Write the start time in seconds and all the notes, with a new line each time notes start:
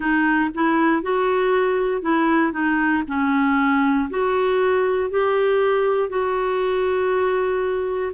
0.00 D#4
0.54 E4
1.02 F#4
2.02 E4
2.52 D#4
3.07 C#4
4.10 F#4
5.10 G4
6.09 F#4